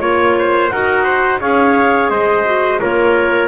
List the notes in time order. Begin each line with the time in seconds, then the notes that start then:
0.00 A#3 F4 C#5
0.39 C5
0.69 D#4 F#4 A#4 F#5
1.04 C5
1.40 C#4 G#4 C#5 F5
2.09 G#3 C5 D#5
2.44 F#4
2.80 A#3 F4 A#4 C#5